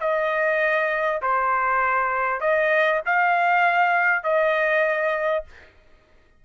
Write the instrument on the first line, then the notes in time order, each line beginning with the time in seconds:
trumpet
0.00 D#5
1.21 C5
2.40 D#5
3.05 F5
4.23 D#5